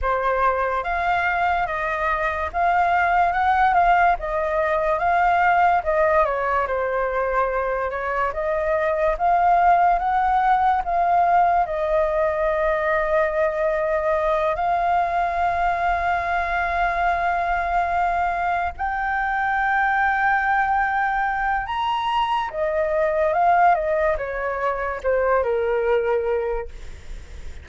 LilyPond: \new Staff \with { instrumentName = "flute" } { \time 4/4 \tempo 4 = 72 c''4 f''4 dis''4 f''4 | fis''8 f''8 dis''4 f''4 dis''8 cis''8 | c''4. cis''8 dis''4 f''4 | fis''4 f''4 dis''2~ |
dis''4. f''2~ f''8~ | f''2~ f''8 g''4.~ | g''2 ais''4 dis''4 | f''8 dis''8 cis''4 c''8 ais'4. | }